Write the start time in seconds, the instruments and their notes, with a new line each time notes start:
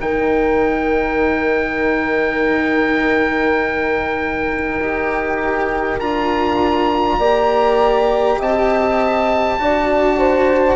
0.00 bassoon D#3, cello D#4, horn A#4, oboe G5
4.79 bassoon D#4, cello G4
5.99 bassoon D4, cello F4, oboe A#5
7.18 bassoon A#3, cello G4, horn D5
8.39 bassoon C4, horn D#5, oboe A5
9.59 bassoon D4, cello F#4, horn D5
10.19 horn C5